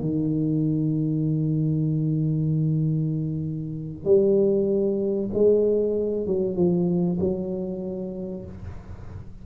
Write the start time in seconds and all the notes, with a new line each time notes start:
0.00 D#3
4.05 G3
5.33 G#3
6.26 F#3
6.56 F3
7.20 F#3